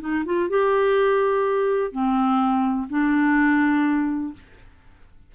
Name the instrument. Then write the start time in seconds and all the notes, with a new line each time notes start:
clarinet
0.00 D#4
0.25 F4
0.49 G4
1.92 C4
2.89 D4